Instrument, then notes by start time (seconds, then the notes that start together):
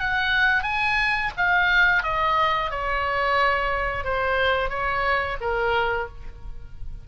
oboe
0.00 F#5
0.63 G#5
1.37 F5
2.03 D#5
2.71 C#5
4.04 C5
4.70 C#5
5.41 A#4